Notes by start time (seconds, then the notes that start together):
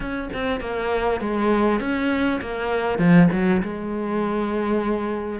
0.00 C#4
0.33 C4
0.60 A#3
1.20 G#3
1.79 C#4
2.41 A#3
2.98 F3
3.31 F#3
3.62 G#3